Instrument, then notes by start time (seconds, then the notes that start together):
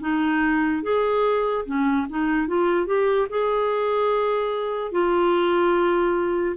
clarinet
0.00 D#4
0.83 G#4
1.66 C#4
2.09 D#4
2.47 F4
2.86 G4
3.29 G#4
4.91 F4